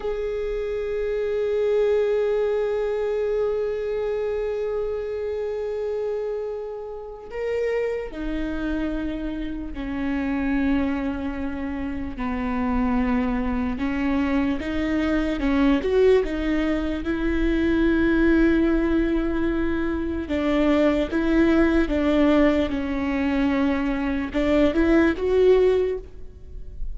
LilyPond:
\new Staff \with { instrumentName = "viola" } { \time 4/4 \tempo 4 = 74 gis'1~ | gis'1~ | gis'4 ais'4 dis'2 | cis'2. b4~ |
b4 cis'4 dis'4 cis'8 fis'8 | dis'4 e'2.~ | e'4 d'4 e'4 d'4 | cis'2 d'8 e'8 fis'4 | }